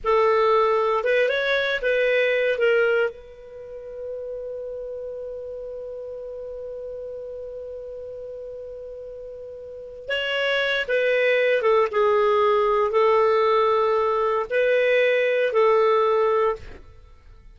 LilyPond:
\new Staff \with { instrumentName = "clarinet" } { \time 4/4 \tempo 4 = 116 a'2 b'8 cis''4 b'8~ | b'4 ais'4 b'2~ | b'1~ | b'1~ |
b'2.~ b'8 cis''8~ | cis''4 b'4. a'8 gis'4~ | gis'4 a'2. | b'2 a'2 | }